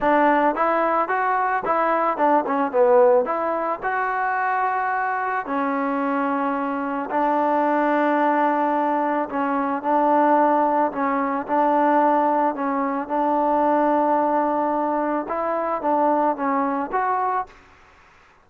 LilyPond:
\new Staff \with { instrumentName = "trombone" } { \time 4/4 \tempo 4 = 110 d'4 e'4 fis'4 e'4 | d'8 cis'8 b4 e'4 fis'4~ | fis'2 cis'2~ | cis'4 d'2.~ |
d'4 cis'4 d'2 | cis'4 d'2 cis'4 | d'1 | e'4 d'4 cis'4 fis'4 | }